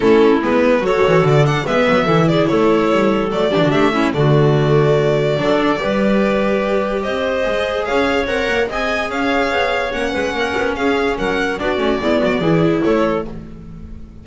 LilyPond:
<<
  \new Staff \with { instrumentName = "violin" } { \time 4/4 \tempo 4 = 145 a'4 b'4 cis''4 d''8 fis''8 | e''4. d''8 cis''2 | d''4 e''4 d''2~ | d''1~ |
d''4 dis''2 f''4 | fis''4 gis''4 f''2 | fis''2 f''4 fis''4 | d''2. cis''4 | }
  \new Staff \with { instrumentName = "clarinet" } { \time 4/4 e'2 a'2 | b'4 a'8 gis'8 a'2~ | a'8 g'16 fis'16 g'8 e'8 fis'2~ | fis'4 a'4 b'2~ |
b'4 c''2 cis''4~ | cis''4 dis''4 cis''2~ | cis''8 b'8 ais'4 gis'4 ais'4 | fis'4 e'8 fis'8 gis'4 a'4 | }
  \new Staff \with { instrumentName = "viola" } { \time 4/4 cis'4 b4 fis'4. d'8 | b4 e'2. | a8 d'4 cis'8 a2~ | a4 d'4 g'2~ |
g'2 gis'2 | ais'4 gis'2. | cis'1 | d'8 cis'8 b4 e'2 | }
  \new Staff \with { instrumentName = "double bass" } { \time 4/4 a4 gis4 fis8 e8 d4 | gis8 fis8 e4 a4 g4 | fis8 e16 d16 a4 d2~ | d4 fis4 g2~ |
g4 c'4 gis4 cis'4 | c'8 ais8 c'4 cis'4 b4 | ais8 gis8 ais8 b8 cis'4 fis4 | b8 a8 gis8 fis8 e4 a4 | }
>>